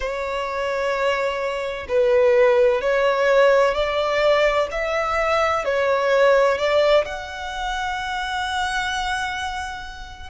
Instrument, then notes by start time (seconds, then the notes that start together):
violin
0.00 C#5
1.88 B4
2.81 C#5
3.74 D5
4.71 E5
5.64 C#5
6.58 D5
7.05 F#5